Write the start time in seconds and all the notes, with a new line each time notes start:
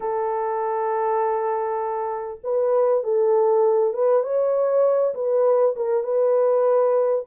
0.00 A4
2.43 B4
3.03 A4
3.93 B4
4.23 C#5
5.14 B4
5.76 A#4
6.03 B4